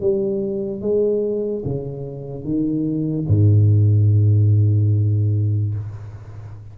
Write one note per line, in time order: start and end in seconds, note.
0.00 0.81 G3
0.81 1.63 G#3
1.64 2.44 C#3
2.44 3.26 D#3
3.28 5.74 G#2